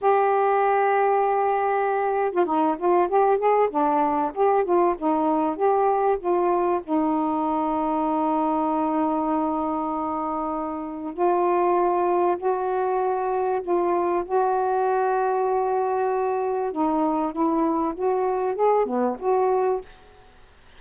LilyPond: \new Staff \with { instrumentName = "saxophone" } { \time 4/4 \tempo 4 = 97 g'2.~ g'8. f'16 | dis'8 f'8 g'8 gis'8 d'4 g'8 f'8 | dis'4 g'4 f'4 dis'4~ | dis'1~ |
dis'2 f'2 | fis'2 f'4 fis'4~ | fis'2. dis'4 | e'4 fis'4 gis'8 b8 fis'4 | }